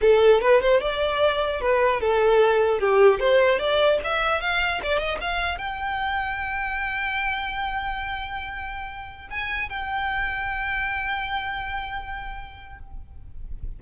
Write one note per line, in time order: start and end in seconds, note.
0.01 0.41 A4
0.41 0.61 B4
0.61 0.80 C5
0.80 1.60 D5
1.60 2.00 B4
2.00 2.79 A4
2.79 3.19 G4
3.19 3.58 C5
3.58 3.98 D5
4.03 4.40 E5
4.40 4.80 F5
4.83 4.98 D5
4.98 5.18 D#5
5.20 5.57 F5
5.57 9.27 G5
9.30 9.69 G#5
9.69 12.79 G5